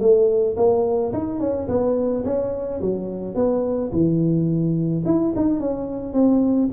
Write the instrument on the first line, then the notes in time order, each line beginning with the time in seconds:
tuba
0.00 A3
0.57 A#3
1.13 D#4
1.40 C#4
1.68 B3
2.25 C#4
2.81 F#3
3.35 B3
3.93 E3
5.06 E4
5.36 D#4
5.60 C#4
6.14 C4